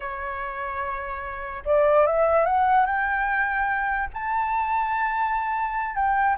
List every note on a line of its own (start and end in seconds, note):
0.00 1.63 C#5
1.65 2.06 D5
2.06 2.45 E5
2.45 2.85 F#5
2.85 4.09 G5
4.13 5.95 A5
5.95 6.36 G5